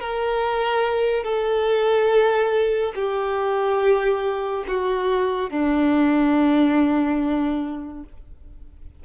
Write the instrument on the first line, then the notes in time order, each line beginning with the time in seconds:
violin
0.00 A#4
1.24 A4
2.95 G4
4.67 F#4
5.50 D4